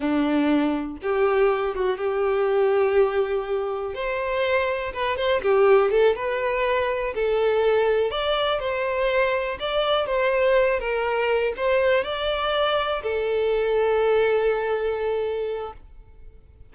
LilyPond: \new Staff \with { instrumentName = "violin" } { \time 4/4 \tempo 4 = 122 d'2 g'4. fis'8 | g'1 | c''2 b'8 c''8 g'4 | a'8 b'2 a'4.~ |
a'8 d''4 c''2 d''8~ | d''8 c''4. ais'4. c''8~ | c''8 d''2 a'4.~ | a'1 | }